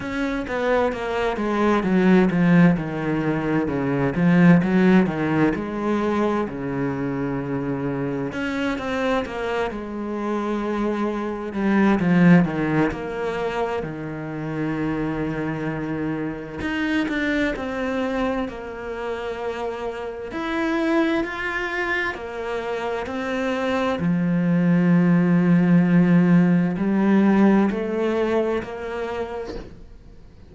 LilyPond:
\new Staff \with { instrumentName = "cello" } { \time 4/4 \tempo 4 = 65 cis'8 b8 ais8 gis8 fis8 f8 dis4 | cis8 f8 fis8 dis8 gis4 cis4~ | cis4 cis'8 c'8 ais8 gis4.~ | gis8 g8 f8 dis8 ais4 dis4~ |
dis2 dis'8 d'8 c'4 | ais2 e'4 f'4 | ais4 c'4 f2~ | f4 g4 a4 ais4 | }